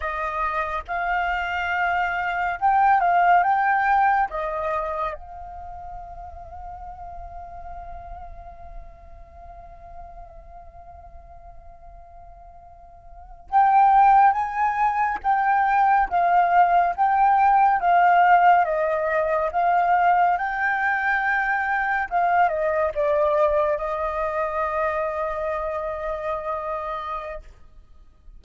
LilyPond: \new Staff \with { instrumentName = "flute" } { \time 4/4 \tempo 4 = 70 dis''4 f''2 g''8 f''8 | g''4 dis''4 f''2~ | f''1~ | f''2.~ f''8. g''16~ |
g''8. gis''4 g''4 f''4 g''16~ | g''8. f''4 dis''4 f''4 g''16~ | g''4.~ g''16 f''8 dis''8 d''4 dis''16~ | dis''1 | }